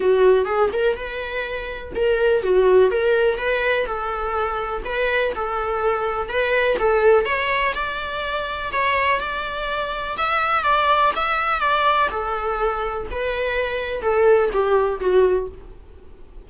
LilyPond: \new Staff \with { instrumentName = "viola" } { \time 4/4 \tempo 4 = 124 fis'4 gis'8 ais'8 b'2 | ais'4 fis'4 ais'4 b'4 | a'2 b'4 a'4~ | a'4 b'4 a'4 cis''4 |
d''2 cis''4 d''4~ | d''4 e''4 d''4 e''4 | d''4 a'2 b'4~ | b'4 a'4 g'4 fis'4 | }